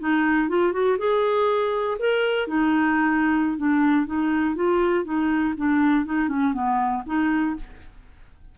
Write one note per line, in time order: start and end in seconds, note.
0.00 0.49 D#4
0.49 0.73 F4
0.73 0.98 F#4
0.98 1.98 G#4
1.99 2.48 A#4
2.48 3.58 D#4
3.58 4.07 D4
4.07 4.56 D#4
4.56 5.05 F4
5.05 5.54 D#4
5.57 6.06 D4
6.06 6.29 D#4
6.29 6.54 C#4
6.54 7.03 B3
7.07 7.56 D#4